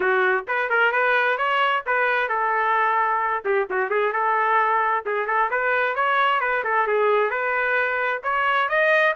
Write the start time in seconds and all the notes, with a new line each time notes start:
0.00 F#4
0.47 B4
0.69 A#4
0.92 B4
1.37 C#5
1.86 B4
2.29 A4
3.44 G4
3.70 F#4
3.89 G#4
4.12 A4
5.05 G#4
5.27 A4
5.50 B4
5.95 C#5
6.40 B4
6.64 A4
6.87 G#4
7.30 B4
8.23 C#5
8.68 D#5